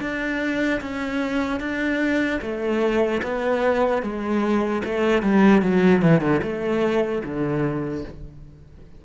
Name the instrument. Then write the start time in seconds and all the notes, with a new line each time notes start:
cello
0.00 D4
0.80 C#4
1.60 D4
2.41 A3
3.23 B3
4.02 G#3
4.84 A3
5.22 G3
5.62 F#3
6.02 E3
6.20 D3
6.42 A3
7.24 D3